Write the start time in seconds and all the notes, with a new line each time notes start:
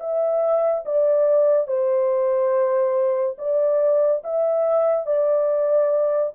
0.00 E5
0.86 D5
1.67 C5
3.38 D5
4.24 E5
5.06 D5